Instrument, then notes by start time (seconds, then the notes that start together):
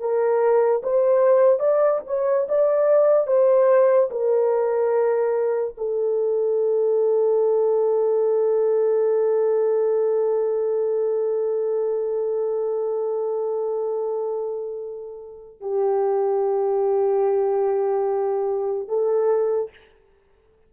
horn
0.00 A#4
0.83 C5
1.60 D5
2.07 C#5
2.49 D5
3.27 C5
4.11 A#4
5.78 A4
15.61 G4
18.89 A4